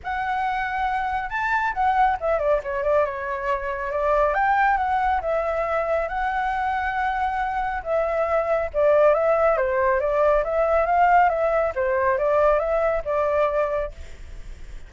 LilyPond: \new Staff \with { instrumentName = "flute" } { \time 4/4 \tempo 4 = 138 fis''2. a''4 | fis''4 e''8 d''8 cis''8 d''8 cis''4~ | cis''4 d''4 g''4 fis''4 | e''2 fis''2~ |
fis''2 e''2 | d''4 e''4 c''4 d''4 | e''4 f''4 e''4 c''4 | d''4 e''4 d''2 | }